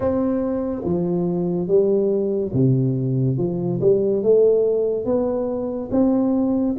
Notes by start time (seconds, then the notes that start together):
0.00 C4
0.84 F3
1.67 G3
2.53 C3
3.37 F3
3.80 G3
4.23 A3
5.05 B3
5.91 C4